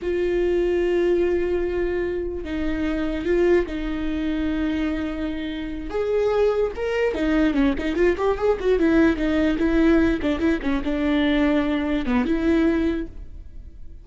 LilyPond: \new Staff \with { instrumentName = "viola" } { \time 4/4 \tempo 4 = 147 f'1~ | f'2 dis'2 | f'4 dis'2.~ | dis'2~ dis'8 gis'4.~ |
gis'8 ais'4 dis'4 cis'8 dis'8 f'8 | g'8 gis'8 fis'8 e'4 dis'4 e'8~ | e'4 d'8 e'8 cis'8 d'4.~ | d'4. b8 e'2 | }